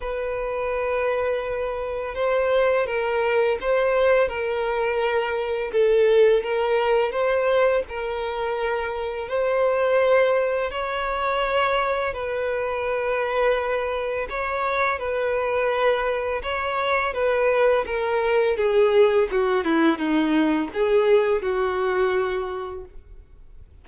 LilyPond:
\new Staff \with { instrumentName = "violin" } { \time 4/4 \tempo 4 = 84 b'2. c''4 | ais'4 c''4 ais'2 | a'4 ais'4 c''4 ais'4~ | ais'4 c''2 cis''4~ |
cis''4 b'2. | cis''4 b'2 cis''4 | b'4 ais'4 gis'4 fis'8 e'8 | dis'4 gis'4 fis'2 | }